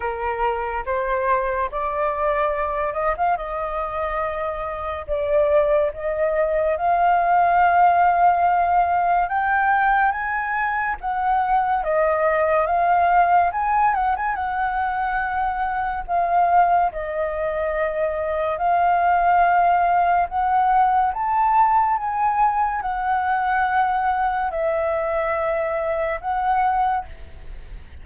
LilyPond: \new Staff \with { instrumentName = "flute" } { \time 4/4 \tempo 4 = 71 ais'4 c''4 d''4. dis''16 f''16 | dis''2 d''4 dis''4 | f''2. g''4 | gis''4 fis''4 dis''4 f''4 |
gis''8 fis''16 gis''16 fis''2 f''4 | dis''2 f''2 | fis''4 a''4 gis''4 fis''4~ | fis''4 e''2 fis''4 | }